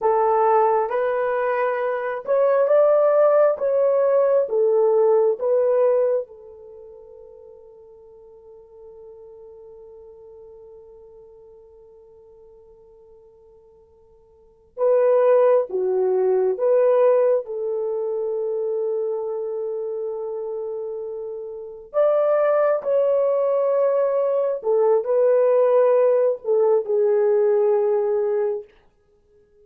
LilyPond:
\new Staff \with { instrumentName = "horn" } { \time 4/4 \tempo 4 = 67 a'4 b'4. cis''8 d''4 | cis''4 a'4 b'4 a'4~ | a'1~ | a'1~ |
a'8 b'4 fis'4 b'4 a'8~ | a'1~ | a'8 d''4 cis''2 a'8 | b'4. a'8 gis'2 | }